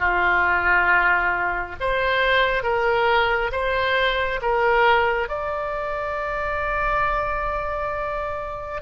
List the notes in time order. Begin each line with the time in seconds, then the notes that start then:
0.00 F4
1.80 C5
2.64 A#4
3.52 C5
4.42 A#4
5.29 D5